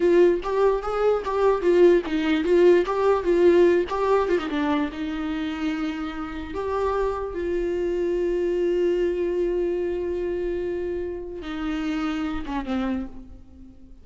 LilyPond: \new Staff \with { instrumentName = "viola" } { \time 4/4 \tempo 4 = 147 f'4 g'4 gis'4 g'4 | f'4 dis'4 f'4 g'4 | f'4. g'4 f'16 dis'16 d'4 | dis'1 |
g'2 f'2~ | f'1~ | f'1 | dis'2~ dis'8 cis'8 c'4 | }